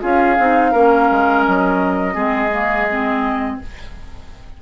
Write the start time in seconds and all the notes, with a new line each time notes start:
0.00 C#4 F4 G#4 F5
0.38 C4 D#4
0.71 A#3 C#4 A#4
1.11 G#3
1.44 F#3 D#5
2.13 G#3 C4 G#4
2.51 A#3
2.90 C4